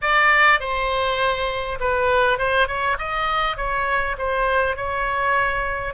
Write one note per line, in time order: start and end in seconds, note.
0.01 0.60 D5
0.60 1.78 C5
1.80 2.38 B4
2.38 2.67 C5
2.67 2.97 C#5
2.98 3.56 D#5
3.56 4.16 C#5
4.17 4.76 C5
4.76 5.94 C#5